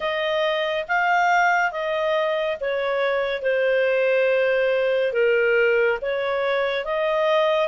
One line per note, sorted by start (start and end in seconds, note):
0.00 0.85 D#5
0.88 1.71 F5
1.71 2.57 D#5
2.60 3.42 C#5
3.42 5.12 C5
5.12 5.98 A#4
6.01 6.85 C#5
6.85 7.68 D#5